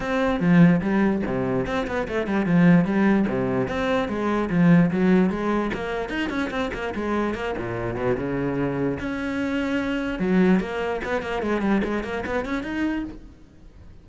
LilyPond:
\new Staff \with { instrumentName = "cello" } { \time 4/4 \tempo 4 = 147 c'4 f4 g4 c4 | c'8 b8 a8 g8 f4 g4 | c4 c'4 gis4 f4 | fis4 gis4 ais4 dis'8 cis'8 |
c'8 ais8 gis4 ais8 ais,4 b,8 | cis2 cis'2~ | cis'4 fis4 ais4 b8 ais8 | gis8 g8 gis8 ais8 b8 cis'8 dis'4 | }